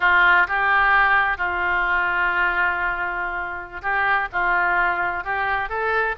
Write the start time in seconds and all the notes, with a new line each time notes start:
0.00 F4
0.47 G4
1.37 F4
3.81 G4
4.32 F4
5.23 G4
5.69 A4